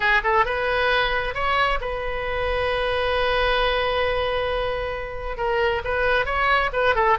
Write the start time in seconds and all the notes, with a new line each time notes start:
0.00 G#4
0.23 A4
0.45 B4
1.34 C#5
1.80 B4
5.37 A#4
5.84 B4
6.25 C#5
6.72 B4
6.95 A4